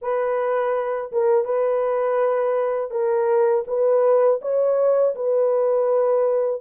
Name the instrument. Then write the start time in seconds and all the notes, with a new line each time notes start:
horn
0.01 B4
1.12 A#4
1.45 B4
2.90 A#4
3.67 B4
4.41 C#5
5.15 B4